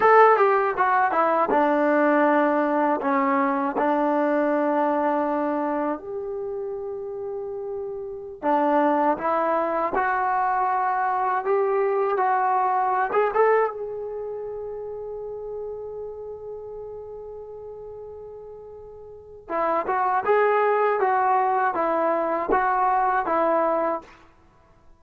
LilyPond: \new Staff \with { instrumentName = "trombone" } { \time 4/4 \tempo 4 = 80 a'8 g'8 fis'8 e'8 d'2 | cis'4 d'2. | g'2.~ g'16 d'8.~ | d'16 e'4 fis'2 g'8.~ |
g'16 fis'4~ fis'16 gis'16 a'8 gis'4.~ gis'16~ | gis'1~ | gis'2 e'8 fis'8 gis'4 | fis'4 e'4 fis'4 e'4 | }